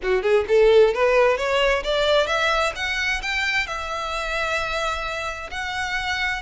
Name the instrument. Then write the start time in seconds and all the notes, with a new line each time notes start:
violin
0.02 F#4
0.22 G#4
0.48 A4
0.93 B4
1.37 C#5
1.83 D5
2.27 E5
2.75 F#5
3.21 G5
3.66 E5
5.51 F#5